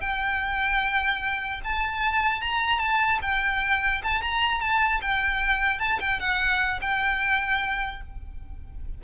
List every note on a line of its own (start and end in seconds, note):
0.00 1.60 G5
1.64 2.41 A5
2.41 2.79 A#5
2.79 3.19 A5
3.21 4.01 G5
4.03 4.22 A5
4.22 4.60 A#5
4.60 5.00 A5
5.01 5.79 G5
5.79 5.99 A5
5.99 6.19 G5
6.20 6.80 F#5
6.81 8.01 G5